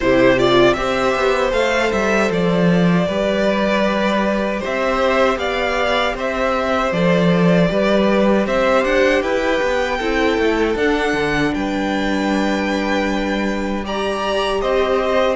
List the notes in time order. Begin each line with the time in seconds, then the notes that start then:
0.00 C3 E4 G4 C5
0.37 F4 D5
0.73 C4 G4 C5 E5
1.15 B3
1.51 A3 A4 F5
1.92 G3 E5
2.30 F3 D5
3.07 G3 G4 B4
4.60 C5 E5
4.66 C4
5.36 B3 D5 F5
6.14 C4 C5 E5
6.92 F3 A4 D5
7.68 G3 G4 B4
8.46 C4 C5 E5
8.84 D4 F#5
9.22 E4 B4 G5
9.62 B3
9.97 C4 E4 A4
10.37 A3
10.75 D4 F#5
11.13 D3
11.54 G3 B4 G5
13.83 G4 D5 A#5
14.61 C4 C5 D#5